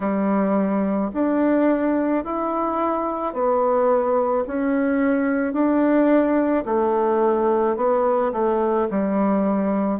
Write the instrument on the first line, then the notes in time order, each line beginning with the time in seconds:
bassoon
0.00 G3
1.13 D4
2.24 E4
3.33 B3
4.47 C#4
5.53 D4
6.65 A3
7.76 B3
8.32 A3
8.90 G3